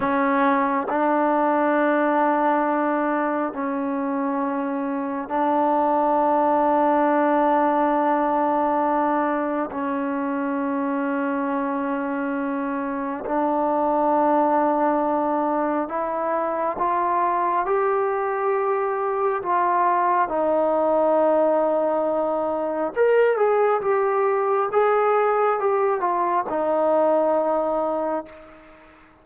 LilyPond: \new Staff \with { instrumentName = "trombone" } { \time 4/4 \tempo 4 = 68 cis'4 d'2. | cis'2 d'2~ | d'2. cis'4~ | cis'2. d'4~ |
d'2 e'4 f'4 | g'2 f'4 dis'4~ | dis'2 ais'8 gis'8 g'4 | gis'4 g'8 f'8 dis'2 | }